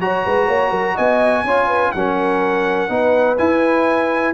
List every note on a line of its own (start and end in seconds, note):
0.00 0.24 F#3
0.00 1.46 F#4
0.00 0.26 C#5
0.00 0.97 A#5
0.26 0.48 G#3
0.26 0.47 B4
0.47 0.71 A#3
0.47 0.70 C#5
0.70 0.95 F#3
0.70 0.94 A#4
0.95 1.44 B3
0.95 1.43 D#5
0.95 1.92 G#5
1.44 1.92 C#4
1.44 1.96 F4
1.44 1.68 C#5
1.68 1.92 B4
1.92 2.89 F#3
1.92 2.89 C#4
1.92 2.92 A#4
1.92 3.37 F#5
2.89 3.37 B3
2.89 3.37 D#4
2.89 4.34 B4
3.38 4.34 E4
3.38 4.34 G#5